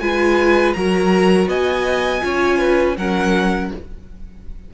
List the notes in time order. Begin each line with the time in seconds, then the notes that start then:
0.00 G#3 F4 B4 G#5
0.73 F#3 F#4 A#4 A#5
1.47 B3 D#5 G#5
2.21 C#4 F4 C#5
2.58 B4
2.97 F#3 C#4 A#4 F#5